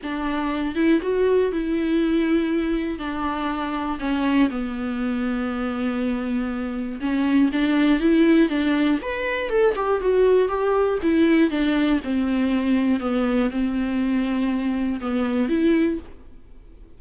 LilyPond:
\new Staff \with { instrumentName = "viola" } { \time 4/4 \tempo 4 = 120 d'4. e'8 fis'4 e'4~ | e'2 d'2 | cis'4 b2.~ | b2 cis'4 d'4 |
e'4 d'4 b'4 a'8 g'8 | fis'4 g'4 e'4 d'4 | c'2 b4 c'4~ | c'2 b4 e'4 | }